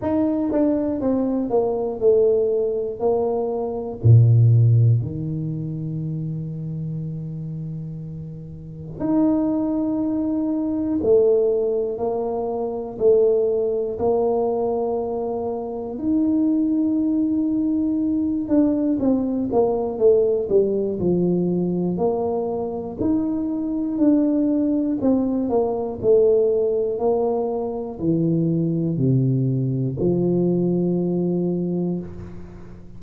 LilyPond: \new Staff \with { instrumentName = "tuba" } { \time 4/4 \tempo 4 = 60 dis'8 d'8 c'8 ais8 a4 ais4 | ais,4 dis2.~ | dis4 dis'2 a4 | ais4 a4 ais2 |
dis'2~ dis'8 d'8 c'8 ais8 | a8 g8 f4 ais4 dis'4 | d'4 c'8 ais8 a4 ais4 | e4 c4 f2 | }